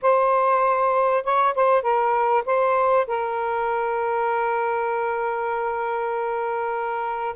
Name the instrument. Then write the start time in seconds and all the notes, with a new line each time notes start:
saxophone
0.01 C5
1.24 C#5
1.54 C5
1.82 A#4
2.45 C5
3.07 A#4